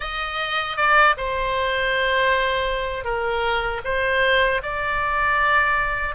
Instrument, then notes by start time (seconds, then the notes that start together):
oboe
0.00 D#5
0.76 D5
1.17 C5
3.04 A#4
3.84 C5
4.62 D5